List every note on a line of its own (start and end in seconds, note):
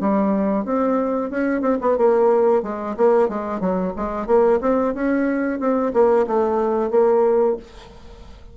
0.00 0.65 G3
0.65 1.30 C4
1.30 1.61 C#4
1.61 1.78 C4
1.81 1.97 B3
1.97 2.63 A#3
2.63 2.96 G#3
2.97 3.28 A#3
3.28 3.60 G#3
3.60 3.93 F#3
3.96 4.26 G#3
4.26 4.59 A#3
4.61 4.94 C4
4.94 5.59 C#4
5.59 5.92 C4
5.93 6.26 A#3
6.27 6.91 A3
6.91 7.56 A#3